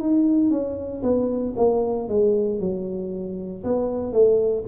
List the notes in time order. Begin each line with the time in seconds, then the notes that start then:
0.00 D#4
0.50 C#4
1.03 B3
1.57 A#3
2.09 G#3
2.60 F#3
3.64 B3
4.13 A3